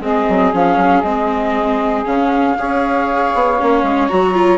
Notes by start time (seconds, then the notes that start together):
0.00 G#3 C4 G#4 D#5
0.29 F#3
0.53 F3 C#4 F5
0.77 F#3
1.02 G#3 C4 D#5
2.05 C#3 C#4 F5
2.57 C#4 G#4 C#5
3.35 B3
3.59 A#3 C#4
3.83 G#3
4.08 F#3 F#4 A#5
4.34 F4